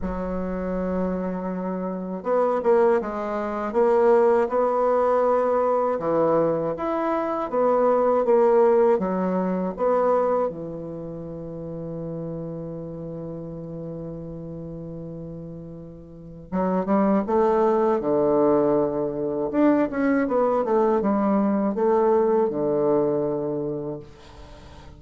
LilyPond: \new Staff \with { instrumentName = "bassoon" } { \time 4/4 \tempo 4 = 80 fis2. b8 ais8 | gis4 ais4 b2 | e4 e'4 b4 ais4 | fis4 b4 e2~ |
e1~ | e2 fis8 g8 a4 | d2 d'8 cis'8 b8 a8 | g4 a4 d2 | }